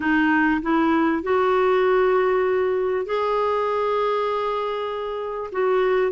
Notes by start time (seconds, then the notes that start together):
0.00 D#4
0.62 E4
1.22 F#4
3.05 G#4
5.52 F#4